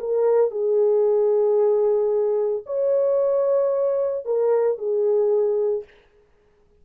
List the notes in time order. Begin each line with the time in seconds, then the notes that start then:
0.00 A#4
0.51 G#4
2.66 C#5
4.26 A#4
4.78 G#4